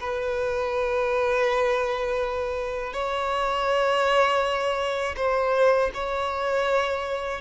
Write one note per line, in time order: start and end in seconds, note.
0.00 2.93 B4
2.93 5.15 C#5
5.16 5.91 C5
5.94 7.41 C#5